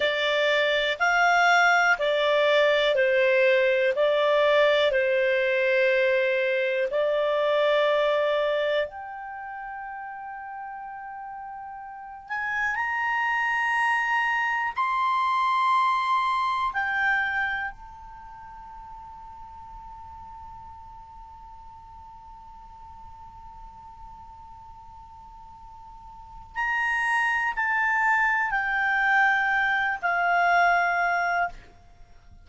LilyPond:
\new Staff \with { instrumentName = "clarinet" } { \time 4/4 \tempo 4 = 61 d''4 f''4 d''4 c''4 | d''4 c''2 d''4~ | d''4 g''2.~ | g''8 gis''8 ais''2 c'''4~ |
c'''4 g''4 a''2~ | a''1~ | a''2. ais''4 | a''4 g''4. f''4. | }